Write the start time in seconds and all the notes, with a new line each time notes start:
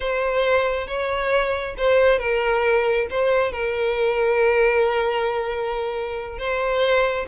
0.00 C5
0.87 C#5
1.77 C5
2.19 A#4
3.10 C5
3.52 A#4
6.38 C5